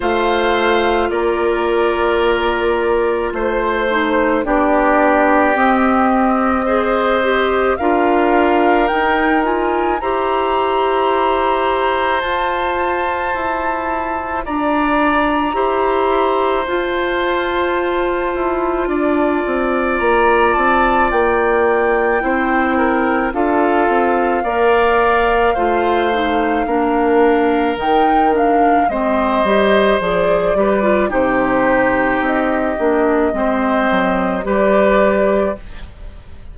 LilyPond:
<<
  \new Staff \with { instrumentName = "flute" } { \time 4/4 \tempo 4 = 54 f''4 d''2 c''4 | d''4 dis''2 f''4 | g''8 gis''8 ais''2 a''4~ | a''4 ais''2 a''4~ |
a''2 ais''8 a''8 g''4~ | g''4 f''2.~ | f''4 g''8 f''8 dis''4 d''4 | c''4 dis''2 d''4 | }
  \new Staff \with { instrumentName = "oboe" } { \time 4/4 c''4 ais'2 c''4 | g'2 c''4 ais'4~ | ais'4 c''2.~ | c''4 d''4 c''2~ |
c''4 d''2. | c''8 ais'8 a'4 d''4 c''4 | ais'2 c''4. b'8 | g'2 c''4 b'4 | }
  \new Staff \with { instrumentName = "clarinet" } { \time 4/4 f'2.~ f'8 dis'8 | d'4 c'4 gis'8 g'8 f'4 | dis'8 f'8 g'2 f'4~ | f'2 g'4 f'4~ |
f'1 | e'4 f'4 ais'4 f'8 dis'8 | d'4 dis'8 d'8 c'8 g'8 gis'8 g'16 f'16 | dis'4. d'8 c'4 g'4 | }
  \new Staff \with { instrumentName = "bassoon" } { \time 4/4 a4 ais2 a4 | b4 c'2 d'4 | dis'4 e'2 f'4 | e'4 d'4 e'4 f'4~ |
f'8 e'8 d'8 c'8 ais8 c'8 ais4 | c'4 d'8 c'8 ais4 a4 | ais4 dis4 gis8 g8 f8 g8 | c4 c'8 ais8 gis8 fis8 g4 | }
>>